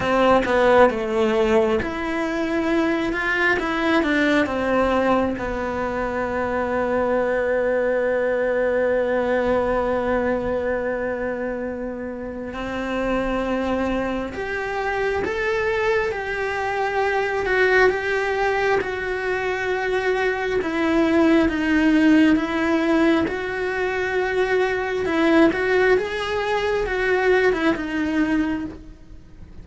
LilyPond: \new Staff \with { instrumentName = "cello" } { \time 4/4 \tempo 4 = 67 c'8 b8 a4 e'4. f'8 | e'8 d'8 c'4 b2~ | b1~ | b2 c'2 |
g'4 a'4 g'4. fis'8 | g'4 fis'2 e'4 | dis'4 e'4 fis'2 | e'8 fis'8 gis'4 fis'8. e'16 dis'4 | }